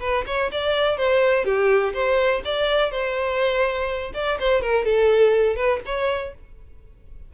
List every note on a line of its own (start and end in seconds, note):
0.00 0.24 B4
0.26 0.50 C#5
0.51 0.97 D5
0.97 1.45 C5
1.45 1.93 G4
1.93 2.42 C5
2.45 2.91 D5
2.91 4.12 C5
4.14 4.38 D5
4.39 4.61 C5
4.61 4.85 A#4
4.85 5.56 A4
5.56 5.80 B4
5.85 6.34 C#5